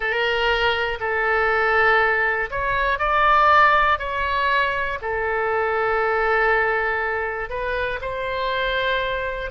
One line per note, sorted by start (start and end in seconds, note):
0.00 0.99 A#4
1.00 2.50 A4
2.50 2.98 C#5
2.98 3.98 D5
3.98 4.98 C#5
5.01 7.49 A4
7.49 7.99 B4
8.00 9.50 C5